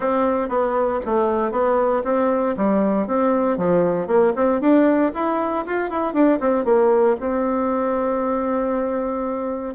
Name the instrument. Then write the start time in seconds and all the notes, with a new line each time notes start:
bassoon
0.00 C4
0.48 B3
1.05 A3
1.51 B3
2.04 C4
2.56 G3
3.07 C4
3.57 F3
4.07 A#3
4.35 C4
4.60 D4
5.14 E4
5.66 F4
5.90 E4
6.13 D4
6.40 C4
6.65 A#3
7.19 C4